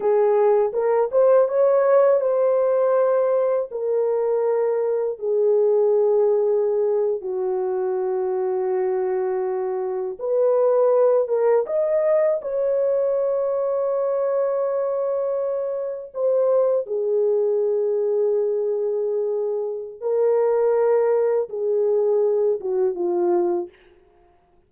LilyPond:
\new Staff \with { instrumentName = "horn" } { \time 4/4 \tempo 4 = 81 gis'4 ais'8 c''8 cis''4 c''4~ | c''4 ais'2 gis'4~ | gis'4.~ gis'16 fis'2~ fis'16~ | fis'4.~ fis'16 b'4. ais'8 dis''16~ |
dis''8. cis''2.~ cis''16~ | cis''4.~ cis''16 c''4 gis'4~ gis'16~ | gis'2. ais'4~ | ais'4 gis'4. fis'8 f'4 | }